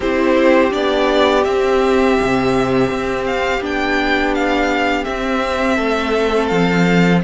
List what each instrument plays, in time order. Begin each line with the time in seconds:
0.00 cello C4, viola E4, violin G4 C5
0.70 cello B3, viola D4, violin D5
1.43 cello C4, viola C4, violin E5
2.21 cello C3
2.90 cello C4
3.26 violin F5
3.60 cello B3, viola D4, violin G5
4.34 violin F5
5.04 viola C4, cello C4, violin E5
5.76 cello A3, violin A4
6.47 cello F3, violin F5